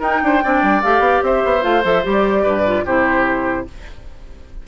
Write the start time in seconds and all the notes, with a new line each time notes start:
0.00 D#4 A#4 G5
0.23 D4 C5
0.44 C4 D4 D5
0.63 G3
0.82 A3 G4 F5
1.00 B3
1.23 C4 C5 E5
1.45 B3
1.61 A3 F4 F5
1.83 F3 A4 E5
2.04 G3 G4 D5
2.44 G2 B4
2.66 F4
2.85 C3 E4 G4 C5